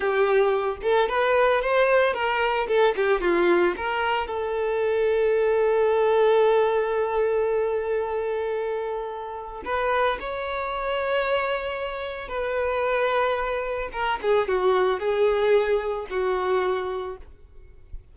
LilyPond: \new Staff \with { instrumentName = "violin" } { \time 4/4 \tempo 4 = 112 g'4. a'8 b'4 c''4 | ais'4 a'8 g'8 f'4 ais'4 | a'1~ | a'1~ |
a'2 b'4 cis''4~ | cis''2. b'4~ | b'2 ais'8 gis'8 fis'4 | gis'2 fis'2 | }